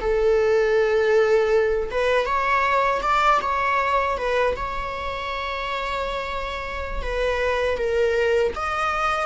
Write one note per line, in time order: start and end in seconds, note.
0.00 1.90 A4
1.91 2.26 B4
2.26 3.02 C#5
3.02 3.40 D5
3.42 4.18 C#5
4.18 4.56 B4
4.56 7.02 C#5
7.02 7.78 B4
7.78 8.54 A#4
8.56 9.27 D#5